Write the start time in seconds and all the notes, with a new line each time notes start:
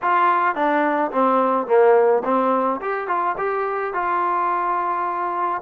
0.02 F4
0.55 D4
1.11 C4
1.66 A#3
2.24 C4
2.81 G4
3.07 F4
3.37 G4
3.93 F4